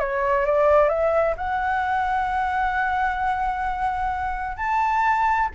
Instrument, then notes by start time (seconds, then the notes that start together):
flute
0.00 C#5
0.46 D5
0.89 E5
1.37 F#5
4.57 A5